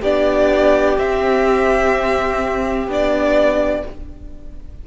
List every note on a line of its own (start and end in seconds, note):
0.00 0.97 B3
0.00 0.97 D4
0.00 3.81 G4
0.00 0.98 D5
0.97 2.88 C4
0.97 2.87 C4
0.97 2.89 E5
2.87 3.82 B3
2.87 3.84 D4
2.87 3.87 D5